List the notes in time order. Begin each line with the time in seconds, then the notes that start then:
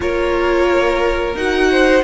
0.00 A#3 F4 A#4 C#5
1.34 D#4 F#4 F#5
1.71 C5